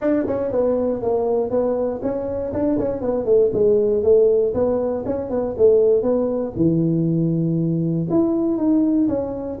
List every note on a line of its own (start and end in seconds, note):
0.01 0.26 D4
0.27 0.51 C#4
0.51 1.02 B3
1.02 1.50 A#3
1.50 2.00 B3
2.02 2.53 C#4
2.53 2.78 D4
2.78 3.01 C#4
3.01 3.25 B3
3.25 3.50 A3
3.53 4.03 G#3
4.03 4.53 A3
4.54 5.04 B3
5.05 5.29 C#4
5.29 5.55 B3
5.57 6.02 A3
6.02 6.52 B3
6.56 8.07 E3
8.09 8.57 E4
8.57 9.08 D#4
9.08 9.58 C#4